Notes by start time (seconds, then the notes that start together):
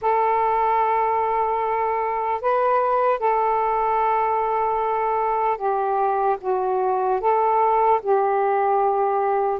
0.01 A4
2.41 B4
3.19 A4
5.57 G4
6.40 F#4
7.20 A4
8.02 G4